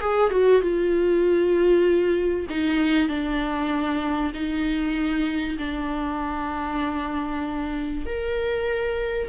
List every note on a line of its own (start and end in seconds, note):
0.00 0.30 G#4
0.30 0.61 F#4
0.61 2.47 F4
2.49 3.08 D#4
3.08 4.32 D4
4.34 5.57 D#4
5.58 8.06 D4
8.06 9.28 A#4